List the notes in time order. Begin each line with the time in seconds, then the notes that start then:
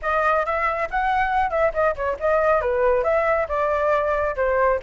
0.02 D#5
0.45 E5
0.90 F#5
1.50 E5
1.73 D#5
1.95 C#5
2.19 D#5
2.61 B4
3.03 E5
3.48 D5
4.36 C5